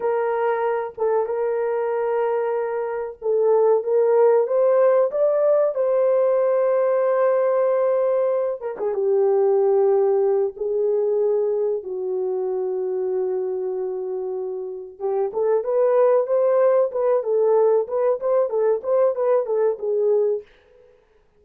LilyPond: \new Staff \with { instrumentName = "horn" } { \time 4/4 \tempo 4 = 94 ais'4. a'8 ais'2~ | ais'4 a'4 ais'4 c''4 | d''4 c''2.~ | c''4. ais'16 gis'16 g'2~ |
g'8 gis'2 fis'4.~ | fis'2.~ fis'8 g'8 | a'8 b'4 c''4 b'8 a'4 | b'8 c''8 a'8 c''8 b'8 a'8 gis'4 | }